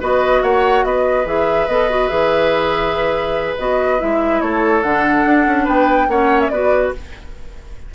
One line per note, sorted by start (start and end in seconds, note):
0.00 0.42 B3
0.00 1.25 F#4
0.00 0.42 B4
0.00 0.43 D#5
0.42 0.84 A#3
0.42 0.85 C#5
0.42 0.84 F#5
0.84 1.25 B3
0.84 4.42 B4
0.84 1.26 D#5
1.25 1.67 E3
1.25 1.67 G#4
1.25 1.68 E5
1.67 2.09 B3
1.67 1.90 A4
1.67 2.07 D#5
1.90 2.09 F#4
2.07 3.57 E3
2.07 3.56 G#4
2.07 3.54 E5
3.58 4.00 B3
3.58 3.99 F#4
3.58 4.00 D#5
3.99 4.41 G#3
3.99 4.83 E4
3.99 4.40 E5
4.40 4.83 A3
4.40 5.64 A4
4.40 4.82 C#5
4.82 5.25 D3
4.82 6.10 D4
4.82 5.66 F#5
5.25 5.46 D4
5.46 5.67 C#4
5.64 6.08 B3
5.64 6.06 B4
5.64 6.09 G5
6.08 6.50 A#3
6.08 6.52 C#4
6.08 6.52 C#5
6.08 6.40 F#5
6.40 6.49 E5
6.49 6.92 B3
6.49 6.94 F#4
6.49 6.94 B4
6.49 6.91 D5